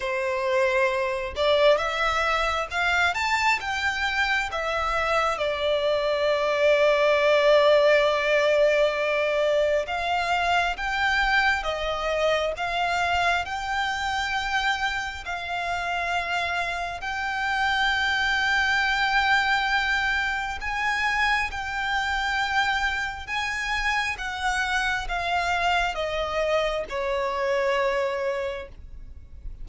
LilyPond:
\new Staff \with { instrumentName = "violin" } { \time 4/4 \tempo 4 = 67 c''4. d''8 e''4 f''8 a''8 | g''4 e''4 d''2~ | d''2. f''4 | g''4 dis''4 f''4 g''4~ |
g''4 f''2 g''4~ | g''2. gis''4 | g''2 gis''4 fis''4 | f''4 dis''4 cis''2 | }